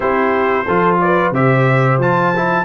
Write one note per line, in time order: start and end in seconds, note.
0.00 0.67 C4
0.00 0.66 E4
0.00 0.64 G4
0.00 0.97 C5
0.64 1.31 F3
0.64 1.34 F4
0.64 0.98 A4
1.00 1.33 B4
1.00 1.33 D5
1.31 1.98 C3
1.31 2.01 G4
1.31 2.65 C5
1.31 2.00 E5
1.98 2.64 F3
1.98 2.35 F4
1.98 2.65 A5
2.36 2.65 E4